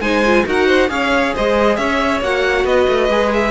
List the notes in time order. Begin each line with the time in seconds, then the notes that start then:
0.00 G#3 D#4 C5 G#5
0.26 F4
0.46 D#4 F#4 A#4 F#5
0.67 C5
0.88 C#4 G#4 C#5 F5
1.34 G#3 C5 D#5
1.76 C#4 C#5 E5
2.22 A#3 F#4 F#5
2.65 B3 B4 D#5
2.88 A3
3.09 G#3 G#4
3.33 E5